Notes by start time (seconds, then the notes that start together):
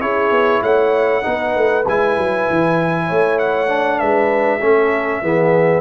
0.00 C#4 E4 G#4 C#5
0.31 B3
0.62 A3 C#5 F#5
1.22 B3 D#4 B4
1.56 A3
1.87 G#3 E4 G#5
2.17 F#3
2.50 E3
3.07 A3 C#5
3.39 F#5
3.68 D4
3.99 G#3 B4 E5
4.60 A3 C#4 A4
5.22 E3 B3 G#4